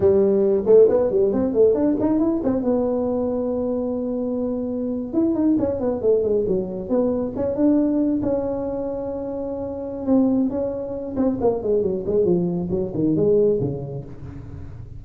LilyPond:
\new Staff \with { instrumentName = "tuba" } { \time 4/4 \tempo 4 = 137 g4. a8 b8 g8 c'8 a8 | d'8 dis'8 e'8 c'8 b2~ | b2.~ b8. e'16~ | e'16 dis'8 cis'8 b8 a8 gis8 fis4 b16~ |
b8. cis'8 d'4. cis'4~ cis'16~ | cis'2. c'4 | cis'4. c'8 ais8 gis8 fis8 gis8 | f4 fis8 dis8 gis4 cis4 | }